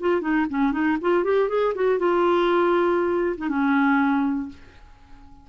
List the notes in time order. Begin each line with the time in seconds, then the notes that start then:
0.00 F4
0.21 D#4
0.50 C#4
0.72 D#4
1.01 F4
1.24 G4
1.49 G#4
1.75 F#4
1.99 F4
3.37 D#4
3.49 C#4